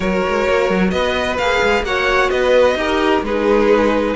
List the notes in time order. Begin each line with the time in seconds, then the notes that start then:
0.00 F#3 F#4 A#4 C#5
0.28 G#3
0.47 A#3
0.69 F#3
0.90 B3 B4 D#5
1.37 A#3 G#4 F5
1.62 G#3
1.83 A#3 F#4 C#5 F#5
2.30 B3 B4 D#5
2.75 D#4 G4 A#4
3.22 G#3 D#4 G#4 B4